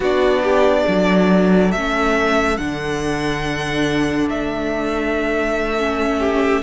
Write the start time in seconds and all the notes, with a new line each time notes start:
0.00 B3 D4 F#4 D5
0.43 G4
0.84 F#3 A4
1.71 A3 C#4 E5
2.57 D3 D4 F#5
4.29 A3 E5
5.78 C#4
6.19 G4